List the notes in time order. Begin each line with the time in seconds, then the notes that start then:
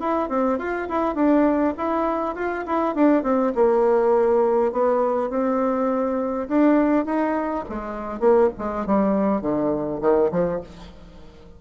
0.00 E4
0.29 C4
0.59 F4
0.89 E4
1.16 D4
1.78 E4
2.36 F4
2.67 E4
2.95 D4
3.24 C4
3.55 A#3
4.72 B3
5.30 C4
6.49 D4
7.06 D#4
7.70 G#3
8.20 A#3
8.59 G#3
8.87 G3
9.42 D3
10.02 D#3
10.32 F3